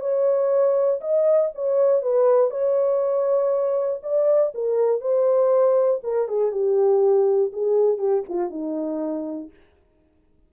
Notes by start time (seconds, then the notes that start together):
0.00 C#5
1.01 D#5
1.55 C#5
2.02 B4
2.50 C#5
4.03 D5
4.54 A#4
5.01 C5
6.03 A#4
6.28 G#4
6.52 G4
7.53 G#4
7.98 G4
8.29 F4
8.50 D#4